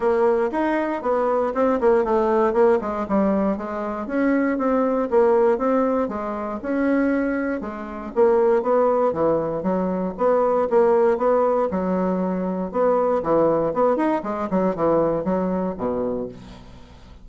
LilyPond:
\new Staff \with { instrumentName = "bassoon" } { \time 4/4 \tempo 4 = 118 ais4 dis'4 b4 c'8 ais8 | a4 ais8 gis8 g4 gis4 | cis'4 c'4 ais4 c'4 | gis4 cis'2 gis4 |
ais4 b4 e4 fis4 | b4 ais4 b4 fis4~ | fis4 b4 e4 b8 dis'8 | gis8 fis8 e4 fis4 b,4 | }